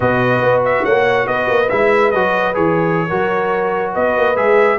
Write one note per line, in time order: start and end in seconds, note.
0.00 0.41 B2
0.00 1.67 F#4
0.00 0.84 B4
0.00 0.62 D#5
0.41 0.84 B3
0.65 0.84 E5
0.84 1.26 A#3
0.84 1.26 C#5
0.84 1.27 F#5
1.26 1.48 B3
1.26 3.08 B4
1.26 1.69 D#5
1.48 1.69 A#3
1.69 2.14 G#3
1.69 2.13 E4
1.69 2.11 E5
2.11 2.56 F#3
2.11 2.54 F#4
2.11 2.53 D#5
2.54 3.09 E3
2.54 3.07 G#4
2.54 3.93 C#5
3.08 3.95 F#3
3.08 4.35 F#4
3.08 3.92 A#4
3.92 4.16 B3
3.92 4.77 B4
3.92 4.36 D#5
4.16 4.36 A#3
4.35 4.78 G#3
4.35 4.78 G#4
4.35 4.78 E5